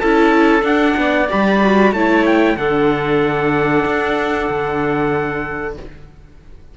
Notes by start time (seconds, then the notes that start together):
0.00 C#4 E4 A4 A5
0.61 D4 F#5
0.97 B3 D5
1.29 G3 G4 B5
1.63 F#4
1.92 A3 E4 C#5 A5
2.26 G5
2.57 D3 D4 A4 F#5
3.85 D4
4.49 D3